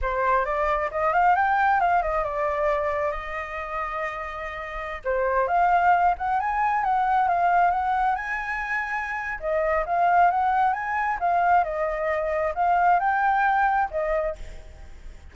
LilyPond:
\new Staff \with { instrumentName = "flute" } { \time 4/4 \tempo 4 = 134 c''4 d''4 dis''8 f''8 g''4 | f''8 dis''8 d''2 dis''4~ | dis''2.~ dis''16 c''8.~ | c''16 f''4. fis''8 gis''4 fis''8.~ |
fis''16 f''4 fis''4 gis''4.~ gis''16~ | gis''4 dis''4 f''4 fis''4 | gis''4 f''4 dis''2 | f''4 g''2 dis''4 | }